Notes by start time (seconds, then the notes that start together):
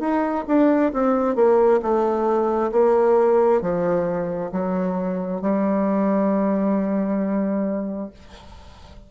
0.00 D#4
0.48 D4
0.93 C4
1.36 A#3
1.82 A3
2.72 A#3
3.61 F3
4.52 F#3
5.42 G3